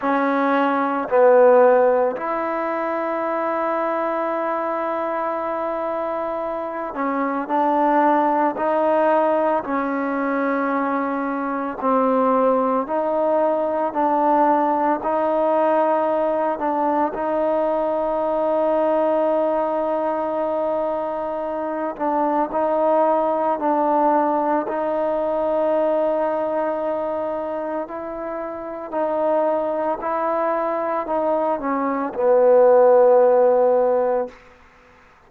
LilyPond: \new Staff \with { instrumentName = "trombone" } { \time 4/4 \tempo 4 = 56 cis'4 b4 e'2~ | e'2~ e'8 cis'8 d'4 | dis'4 cis'2 c'4 | dis'4 d'4 dis'4. d'8 |
dis'1~ | dis'8 d'8 dis'4 d'4 dis'4~ | dis'2 e'4 dis'4 | e'4 dis'8 cis'8 b2 | }